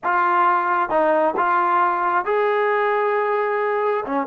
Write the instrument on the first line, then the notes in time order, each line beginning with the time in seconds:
trombone
0.04 F4
0.89 D#4
1.37 F4
2.25 G#4
4.05 C#4